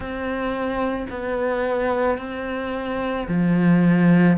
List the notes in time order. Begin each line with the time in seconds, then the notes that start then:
0.00 C4
1.10 B3
2.18 C4
3.28 F3